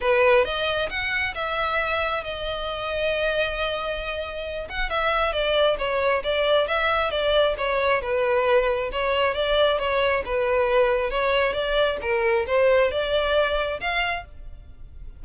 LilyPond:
\new Staff \with { instrumentName = "violin" } { \time 4/4 \tempo 4 = 135 b'4 dis''4 fis''4 e''4~ | e''4 dis''2.~ | dis''2~ dis''8 fis''8 e''4 | d''4 cis''4 d''4 e''4 |
d''4 cis''4 b'2 | cis''4 d''4 cis''4 b'4~ | b'4 cis''4 d''4 ais'4 | c''4 d''2 f''4 | }